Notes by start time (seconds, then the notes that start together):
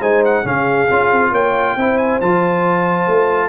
0.00 G#3 D#4 C5 G#5
0.25 F#5
0.44 C#3 C#4 G#4 F5
0.91 C#4 F4
1.11 C4
1.31 A#3 C#5 G5
1.76 C4 E4 C5
1.98 G#5
2.21 F3 F4 A5
3.07 A3